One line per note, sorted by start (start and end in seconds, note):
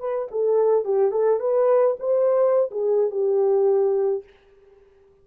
0.00 0.28 B4
0.31 0.85 A4
0.85 1.11 G4
1.11 1.40 A4
1.40 1.97 B4
2.00 2.70 C5
2.71 3.11 G#4
3.11 4.24 G4